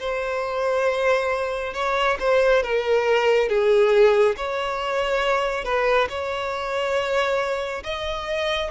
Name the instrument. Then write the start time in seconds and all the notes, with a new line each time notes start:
violin
0.00 C5
1.74 C#5
2.20 C5
2.63 A#4
3.49 G#4
4.37 C#5
5.65 B4
6.09 C#5
7.84 D#5